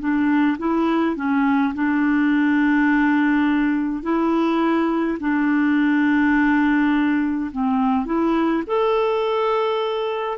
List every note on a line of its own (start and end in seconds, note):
0.00 0.58 D4
0.58 1.16 E4
1.16 1.74 C#4
1.75 4.03 D4
4.03 5.18 E4
5.20 7.51 D4
7.52 8.06 C4
8.06 8.63 E4
8.67 10.38 A4